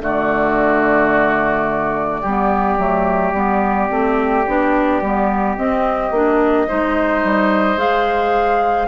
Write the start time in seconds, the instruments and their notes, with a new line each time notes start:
0.00 bassoon D3, clarinet A3, oboe F#4, flute D5
2.21 bassoon G3, oboe G4
2.27 clarinet B3
2.78 bassoon F#3, clarinet A3
3.32 bassoon G3, clarinet B3
3.89 bassoon A3, clarinet C4
4.47 bassoon B3, clarinet D4
5.01 bassoon G3, clarinet B3
5.56 clarinet C4, bassoon C4, flute D#5
6.10 bassoon A#3, clarinet D4
6.68 bassoon G#3, clarinet D#4, oboe C5
7.23 bassoon G3
7.77 bassoon G#3, clarinet G#4, flute F5